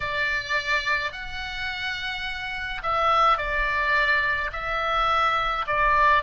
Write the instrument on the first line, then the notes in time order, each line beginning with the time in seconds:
oboe
0.00 D5
1.12 F#5
2.83 E5
3.37 D5
4.52 E5
5.66 D5